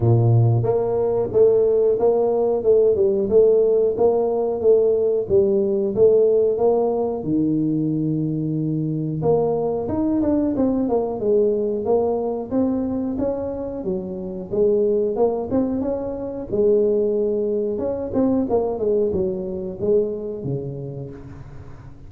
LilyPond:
\new Staff \with { instrumentName = "tuba" } { \time 4/4 \tempo 4 = 91 ais,4 ais4 a4 ais4 | a8 g8 a4 ais4 a4 | g4 a4 ais4 dis4~ | dis2 ais4 dis'8 d'8 |
c'8 ais8 gis4 ais4 c'4 | cis'4 fis4 gis4 ais8 c'8 | cis'4 gis2 cis'8 c'8 | ais8 gis8 fis4 gis4 cis4 | }